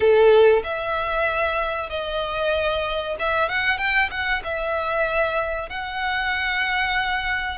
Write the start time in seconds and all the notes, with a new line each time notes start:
0.00 A4
0.63 E5
1.89 D#5
3.19 E5
3.49 F#5
3.78 G5
4.11 F#5
4.44 E5
5.69 F#5